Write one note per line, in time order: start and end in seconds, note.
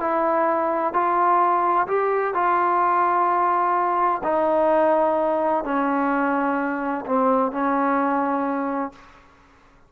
0.00 0.93 E4
0.93 1.87 F4
1.87 2.34 G4
2.34 4.21 F4
4.23 5.64 D#4
5.64 7.05 C#4
7.05 7.51 C4
7.51 8.92 C#4